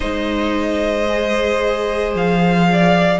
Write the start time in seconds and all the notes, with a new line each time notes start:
0.00 G#3 D#4 C5 D#5
1.07 G#4
2.14 F3 F5
2.71 D5